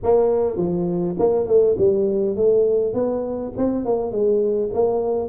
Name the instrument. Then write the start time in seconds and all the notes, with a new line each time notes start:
tuba
0.03 A#3
0.56 F3
1.18 A#3
1.46 A3
1.78 G3
2.36 A3
2.93 B3
3.57 C4
3.85 A#3
4.11 G#3
4.73 A#3